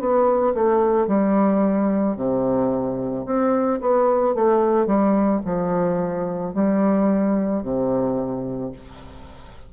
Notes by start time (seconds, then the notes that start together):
0.00 B3
0.55 A3
1.08 G3
2.17 C3
3.26 C4
3.81 B3
4.35 A3
4.87 G3
5.45 F3
6.55 G3
7.63 C3